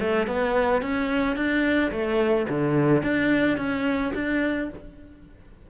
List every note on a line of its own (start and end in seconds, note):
0.00 0.27 A3
0.27 0.82 B3
0.82 1.36 C#4
1.36 1.91 D4
1.92 2.47 A3
2.49 3.03 D3
3.03 3.58 D4
3.58 4.13 C#4
4.15 4.70 D4